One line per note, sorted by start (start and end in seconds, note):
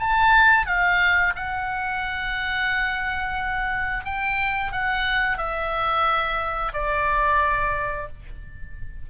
0.00 0.66 A5
0.66 1.34 F5
1.36 4.05 F#5
4.05 4.72 G5
4.72 5.38 F#5
5.38 6.73 E5
6.73 8.08 D5